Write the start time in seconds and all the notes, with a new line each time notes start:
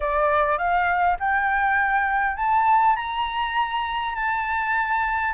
0.00 D5
0.58 F5
1.19 G5
2.36 A5
2.96 A#5
4.15 A5